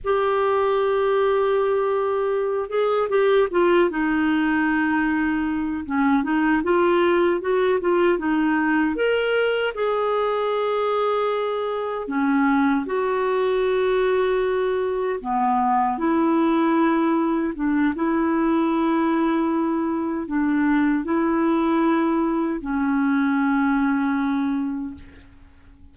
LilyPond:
\new Staff \with { instrumentName = "clarinet" } { \time 4/4 \tempo 4 = 77 g'2.~ g'8 gis'8 | g'8 f'8 dis'2~ dis'8 cis'8 | dis'8 f'4 fis'8 f'8 dis'4 ais'8~ | ais'8 gis'2. cis'8~ |
cis'8 fis'2. b8~ | b8 e'2 d'8 e'4~ | e'2 d'4 e'4~ | e'4 cis'2. | }